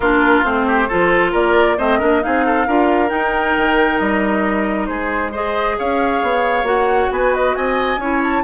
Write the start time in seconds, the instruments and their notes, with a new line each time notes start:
0.00 bassoon A#3, clarinet D4, oboe F4, flute A#4
0.43 bassoon A3, clarinet C4, flute C5
0.66 oboe G4
0.87 bassoon F3, clarinet F4, oboe A4
1.31 bassoon A#3, oboe A#4, flute D5
1.77 bassoon A3, clarinet C4, oboe C5, flute D#5
1.98 bassoon A#3, clarinet D4, oboe A#4
2.21 bassoon C4, clarinet D#4, oboe G#4, flute F5
2.45 oboe A4
2.66 bassoon D4, clarinet F4, oboe A#4
3.08 clarinet D#4, bassoon D#4, flute G5
3.56 bassoon D#3
3.98 bassoon G3, flute D#5
4.86 bassoon G#3, oboe G#4, flute C5
5.31 clarinet G#4, oboe C5, flute D#5
5.78 bassoon C#4, oboe C#5, flute F5
6.22 bassoon B3
6.63 bassoon A#3, clarinet F#4, flute F#5
7.11 bassoon B3, oboe B4, flute G#5
7.34 flute D#5
7.55 bassoon C4, oboe D#5, flute G#5
7.97 bassoon C#4, clarinet E4, oboe C#5
8.23 flute A5